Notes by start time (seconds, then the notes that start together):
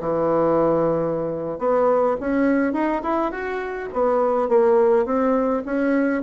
0.00 E3
1.58 B3
2.20 C#4
2.72 D#4
3.02 E4
3.31 F#4
3.93 B3
4.48 A#3
5.05 C4
5.65 C#4